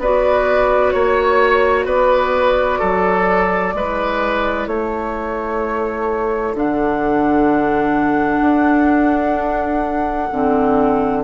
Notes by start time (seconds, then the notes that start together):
0.00 B3 F#4 B4 D5
0.92 A#3 C#5
1.86 B3 B4 D5
2.80 F#3 A4
3.75 G#3 E4 B4
4.67 A3 A4 C#5
6.55 D3 D4 F#5
8.41 D4
10.31 D3 C4